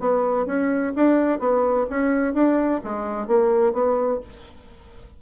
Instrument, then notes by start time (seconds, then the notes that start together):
bassoon
0.00 B3
0.46 C#4
0.96 D4
1.40 B3
1.90 C#4
2.34 D4
2.84 G#3
3.27 A#3
3.74 B3